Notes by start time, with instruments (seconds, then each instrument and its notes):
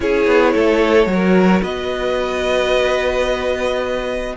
0.00 cello C#4, viola E4, violin G#4 C#5
0.26 cello B3
0.54 cello A3, violin A4
1.06 cello F#3, viola F#4
1.13 violin A#4
1.62 cello B3, violin B4 D#5